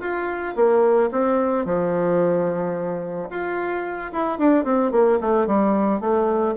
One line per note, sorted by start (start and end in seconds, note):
0.00 0.55 F4
0.56 1.10 A#3
1.12 1.65 C4
1.65 3.29 F3
3.30 4.12 F4
4.13 4.38 E4
4.38 4.64 D4
4.64 4.91 C4
4.91 5.19 A#3
5.21 5.47 A3
5.47 6.00 G3
6.00 6.55 A3